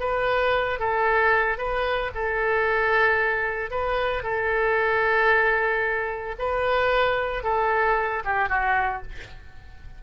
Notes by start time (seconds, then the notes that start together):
0.00 B4
0.80 A4
1.58 B4
2.15 A4
3.71 B4
4.24 A4
6.39 B4
7.44 A4
8.25 G4
8.50 F#4